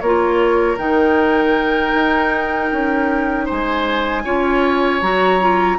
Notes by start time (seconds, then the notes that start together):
0.00 A#3 F4 A#4 C#5
0.77 D#3 D#4 G5
1.94 D#4
2.72 C#4
3.45 G#3 C5 G#5
4.24 C#4 F4 C#5
5.02 F#3 F#4 A#5
5.41 F4